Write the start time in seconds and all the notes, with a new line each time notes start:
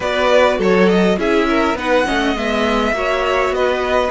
0.00 B3 F#4 B4 D5
0.57 F#3 A4 C#5
0.89 D#5
1.17 C#4 E4 G#4 E5
1.49 A#4
1.74 B3 D#4 B4 F#5
2.05 A3 C#4 D#5
2.36 G#3 B3 E5
2.92 A#3 F#4 C#5
3.49 B3 B4 D#5